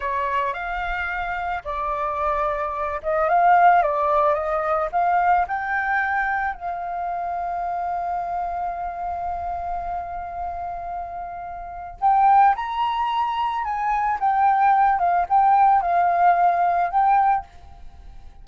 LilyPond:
\new Staff \with { instrumentName = "flute" } { \time 4/4 \tempo 4 = 110 cis''4 f''2 d''4~ | d''4. dis''8 f''4 d''4 | dis''4 f''4 g''2 | f''1~ |
f''1~ | f''2 g''4 ais''4~ | ais''4 gis''4 g''4. f''8 | g''4 f''2 g''4 | }